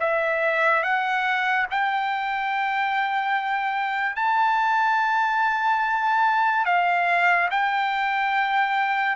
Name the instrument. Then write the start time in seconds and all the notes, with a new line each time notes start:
trumpet
0.00 E5
0.83 F#5
1.70 G5
4.16 A5
6.66 F5
7.51 G5